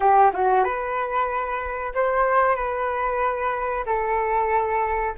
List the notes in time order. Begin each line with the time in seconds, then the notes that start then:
0.00 G4
0.33 F#4
0.64 B4
1.94 C5
2.55 B4
3.85 A4